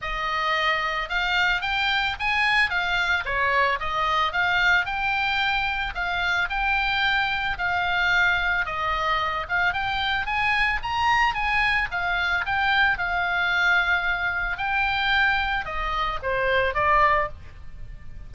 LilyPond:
\new Staff \with { instrumentName = "oboe" } { \time 4/4 \tempo 4 = 111 dis''2 f''4 g''4 | gis''4 f''4 cis''4 dis''4 | f''4 g''2 f''4 | g''2 f''2 |
dis''4. f''8 g''4 gis''4 | ais''4 gis''4 f''4 g''4 | f''2. g''4~ | g''4 dis''4 c''4 d''4 | }